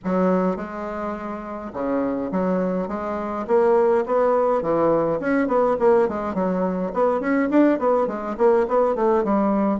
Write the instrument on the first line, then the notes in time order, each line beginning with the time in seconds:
bassoon
0.04 F#3
0.56 G#3
1.73 C#3
2.31 F#3
2.88 G#3
3.47 A#3
4.05 B3
4.62 E3
5.20 C#4
5.47 B3
5.79 A#3
6.08 G#3
6.34 F#3
6.93 B3
7.20 C#4
7.49 D4
7.79 B3
8.07 G#3
8.37 A#3
8.67 B3
8.95 A3
9.24 G3